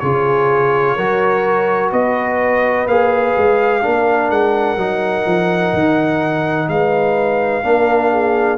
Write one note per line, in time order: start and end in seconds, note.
0.00 0.98 C#3
0.00 0.98 F4
0.00 0.96 G#4
0.00 1.90 C#5
0.96 1.93 F#3
0.96 2.89 F#4
0.96 1.92 A#4
1.92 2.87 B3
1.92 3.82 B4
1.92 2.88 D#5
2.87 3.34 A#3
2.87 3.82 G#4
2.87 4.31 F5
3.38 3.85 G#3
3.82 4.31 A#3
3.82 4.77 D4
3.82 6.70 A#4
4.31 4.77 G#3
4.31 6.69 F#5
4.77 5.25 F#3
4.77 7.64 D#4
5.26 5.73 F3
5.74 6.69 D#3
6.69 7.64 G#3
6.69 7.65 B4
6.69 8.58 F5
7.64 8.58 A#3
7.64 8.58 D4
7.64 8.12 A#4
8.12 8.58 G#4